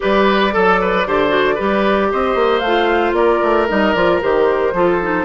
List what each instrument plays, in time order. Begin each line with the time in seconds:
0.00 bassoon G3, clarinet G4, oboe B4, flute D5
0.51 bassoon F#3, clarinet A4, oboe A4
0.81 oboe B4
1.06 bassoon D3, clarinet G4, oboe C5
1.28 clarinet F#4
1.54 bassoon G3, clarinet G4, oboe B4
2.11 bassoon C4, oboe C5, flute D#5
2.34 bassoon A#3
2.59 bassoon A3, flute F5
2.66 clarinet F4
3.12 bassoon A#3, oboe A#4, flute D5
3.42 bassoon A3
3.68 bassoon G3, clarinet D#4, flute D#5
3.93 bassoon F3, clarinet F4, flute D5
4.21 bassoon D#3, clarinet G4, flute C5
4.72 bassoon F3, clarinet F4, oboe A4
5.02 clarinet D#4